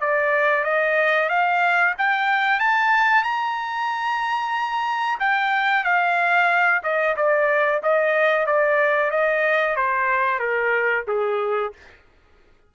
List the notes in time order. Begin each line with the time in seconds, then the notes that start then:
0.00 D5
0.64 D#5
1.29 F5
1.97 G5
2.59 A5
3.23 A#5
5.19 G5
5.84 F5
6.83 D#5
7.16 D5
7.82 D#5
8.46 D5
9.11 D#5
9.76 C5
10.39 A#4
11.07 G#4